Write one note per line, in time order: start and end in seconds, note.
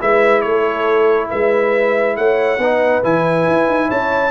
0.00 0.44 G#3
0.00 2.59 E4
0.00 0.44 B4
0.00 0.41 E5
0.41 1.30 A3
0.41 1.27 C#5
0.48 1.30 A4
1.30 2.17 G#3
1.30 2.16 B4
1.30 2.16 E5
2.16 2.58 A3
2.16 2.60 C#5
2.16 3.03 F#5
2.58 3.01 B3
2.58 3.03 D#4
2.58 3.88 B4
3.03 3.47 E3
3.03 4.30 E4
3.03 3.90 G#5
3.47 3.68 E4
3.68 3.90 D#4
3.88 4.30 C#4
3.88 4.30 C#5
3.88 4.30 A5